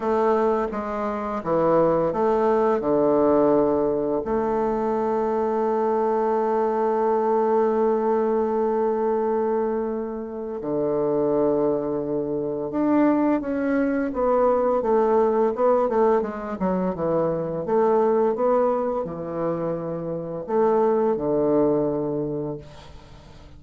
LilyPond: \new Staff \with { instrumentName = "bassoon" } { \time 4/4 \tempo 4 = 85 a4 gis4 e4 a4 | d2 a2~ | a1~ | a2. d4~ |
d2 d'4 cis'4 | b4 a4 b8 a8 gis8 fis8 | e4 a4 b4 e4~ | e4 a4 d2 | }